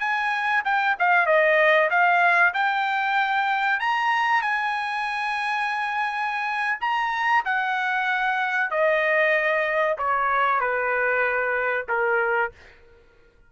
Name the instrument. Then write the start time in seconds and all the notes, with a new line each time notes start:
trumpet
0.00 G#5
0.65 G5
0.99 F5
1.27 D#5
1.91 F5
2.54 G5
3.80 A#5
4.42 G#5
6.81 A#5
7.46 F#5
8.71 D#5
9.98 C#5
10.60 B4
11.89 A#4